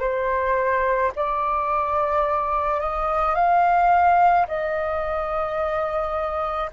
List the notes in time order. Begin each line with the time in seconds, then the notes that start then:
0.00 C5
1.16 D5
2.80 D#5
3.35 F5
4.47 D#5